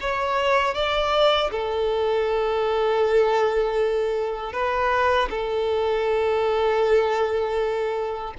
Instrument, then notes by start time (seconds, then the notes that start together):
violin
0.00 C#5
0.74 D5
1.51 A4
4.52 B4
5.30 A4